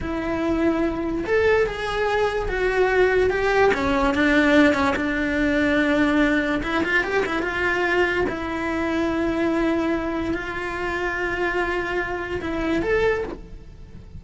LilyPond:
\new Staff \with { instrumentName = "cello" } { \time 4/4 \tempo 4 = 145 e'2. a'4 | gis'2 fis'2 | g'4 cis'4 d'4. cis'8 | d'1 |
e'8 f'8 g'8 e'8 f'2 | e'1~ | e'4 f'2.~ | f'2 e'4 a'4 | }